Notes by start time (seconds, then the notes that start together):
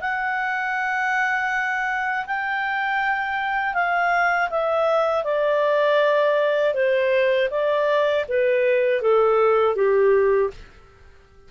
0.00 F#5
2.26 G5
3.74 F5
4.50 E5
5.24 D5
6.74 C5
7.50 D5
8.28 B4
9.01 A4
9.75 G4